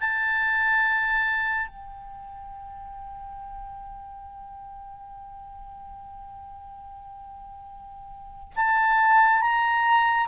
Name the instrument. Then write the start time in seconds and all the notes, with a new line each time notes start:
clarinet
0.00 A5
1.68 G5
8.56 A5
9.41 A#5